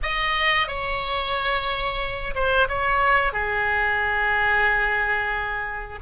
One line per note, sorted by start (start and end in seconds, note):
0.02 0.67 D#5
0.67 2.34 C#5
2.35 2.68 C5
2.68 3.32 C#5
3.32 5.99 G#4